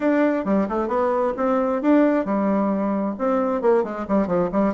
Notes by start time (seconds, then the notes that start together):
0.00 D4
0.44 G3
0.68 A3
0.88 B3
1.36 C4
1.81 D4
2.25 G3
3.18 C4
3.61 A#3
3.83 G#3
4.08 G3
4.27 F3
4.52 G3